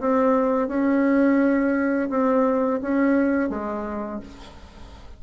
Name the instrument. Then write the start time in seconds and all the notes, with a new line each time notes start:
bassoon
0.00 C4
0.68 C#4
2.10 C4
2.81 C#4
3.49 G#3